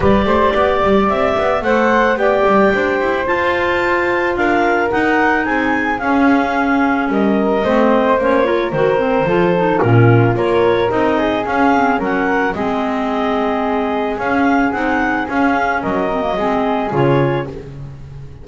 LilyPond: <<
  \new Staff \with { instrumentName = "clarinet" } { \time 4/4 \tempo 4 = 110 d''2 e''4 fis''4 | g''2 a''2 | f''4 fis''4 gis''4 f''4~ | f''4 dis''2 cis''4 |
c''2 ais'4 cis''4 | dis''4 f''4 fis''4 dis''4~ | dis''2 f''4 fis''4 | f''4 dis''2 cis''4 | }
  \new Staff \with { instrumentName = "flute" } { \time 4/4 b'8 c''8 d''2 c''4 | d''4 c''2. | ais'2 gis'2~ | gis'4 ais'4 c''4. ais'8~ |
ais'4 a'4 f'4 ais'4~ | ais'8 gis'4. ais'4 gis'4~ | gis'1~ | gis'4 ais'4 gis'2 | }
  \new Staff \with { instrumentName = "clarinet" } { \time 4/4 g'2. a'4 | g'2 f'2~ | f'4 dis'2 cis'4~ | cis'2 c'4 cis'8 f'8 |
fis'8 c'8 f'8 dis'8 cis'4 f'4 | dis'4 cis'8 c'8 cis'4 c'4~ | c'2 cis'4 dis'4 | cis'4. c'16 ais16 c'4 f'4 | }
  \new Staff \with { instrumentName = "double bass" } { \time 4/4 g8 a8 b8 g8 c'8 b8 a4 | b8 g8 d'8 e'8 f'2 | d'4 dis'4 c'4 cis'4~ | cis'4 g4 a4 ais4 |
dis4 f4 ais,4 ais4 | c'4 cis'4 fis4 gis4~ | gis2 cis'4 c'4 | cis'4 fis4 gis4 cis4 | }
>>